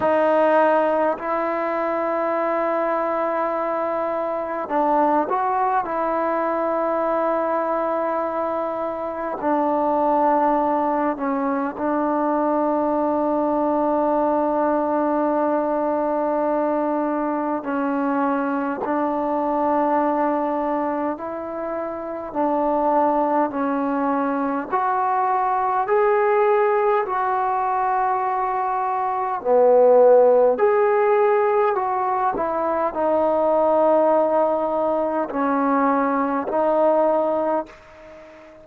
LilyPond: \new Staff \with { instrumentName = "trombone" } { \time 4/4 \tempo 4 = 51 dis'4 e'2. | d'8 fis'8 e'2. | d'4. cis'8 d'2~ | d'2. cis'4 |
d'2 e'4 d'4 | cis'4 fis'4 gis'4 fis'4~ | fis'4 b4 gis'4 fis'8 e'8 | dis'2 cis'4 dis'4 | }